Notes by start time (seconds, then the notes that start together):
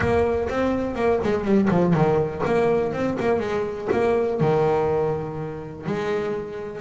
0.00 A#3
0.49 C4
0.95 A#3
1.23 G#3
1.44 G3
1.70 F3
1.93 D#3
2.45 A#3
2.93 C4
3.19 A#3
3.39 G#3
3.92 A#3
4.40 D#3
5.85 G#3